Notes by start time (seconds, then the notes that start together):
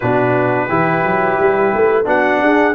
0.00 B2 D4 F#4 B4
0.67 E3 E4 G4
1.03 F#3
1.39 G3
1.74 A3
2.04 B3 D4 F#4 F#5
2.40 D4 G#4